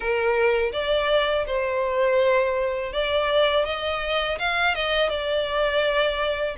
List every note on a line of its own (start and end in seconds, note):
0.00 0.72 A#4
0.72 1.45 D5
1.46 2.92 C5
2.92 3.65 D5
3.65 4.38 D#5
4.39 4.74 F5
4.74 5.09 D#5
5.09 6.55 D5